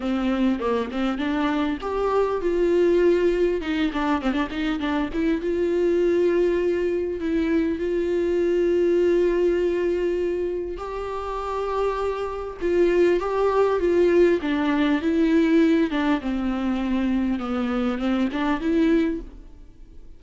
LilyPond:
\new Staff \with { instrumentName = "viola" } { \time 4/4 \tempo 4 = 100 c'4 ais8 c'8 d'4 g'4 | f'2 dis'8 d'8 c'16 d'16 dis'8 | d'8 e'8 f'2. | e'4 f'2.~ |
f'2 g'2~ | g'4 f'4 g'4 f'4 | d'4 e'4. d'8 c'4~ | c'4 b4 c'8 d'8 e'4 | }